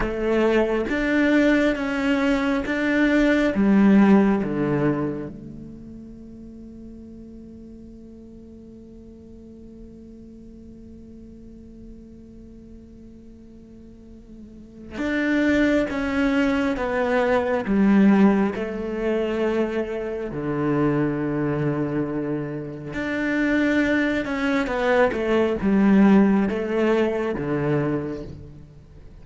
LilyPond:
\new Staff \with { instrumentName = "cello" } { \time 4/4 \tempo 4 = 68 a4 d'4 cis'4 d'4 | g4 d4 a2~ | a1~ | a1~ |
a4 d'4 cis'4 b4 | g4 a2 d4~ | d2 d'4. cis'8 | b8 a8 g4 a4 d4 | }